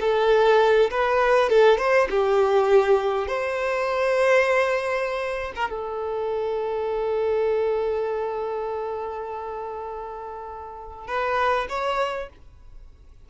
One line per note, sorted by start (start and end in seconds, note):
0.00 0.90 A4
0.91 1.49 B4
1.49 1.78 A4
1.78 2.08 C5
2.10 3.27 G4
3.27 5.52 C5
5.55 5.70 A#4
5.70 11.07 A4
11.07 11.67 B4
11.69 12.29 C#5